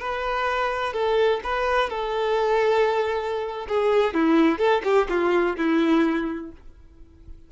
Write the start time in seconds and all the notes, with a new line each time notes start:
0.00 B4
0.94 A4
1.44 B4
1.90 A4
3.69 G#4
4.14 E4
4.59 A4
4.84 G4
5.10 F4
5.57 E4